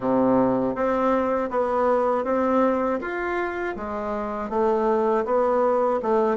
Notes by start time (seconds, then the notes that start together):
0.00 C3
0.75 C4
1.50 B3
2.24 C4
3.00 F4
3.76 G#3
4.49 A3
5.25 B3
6.02 A3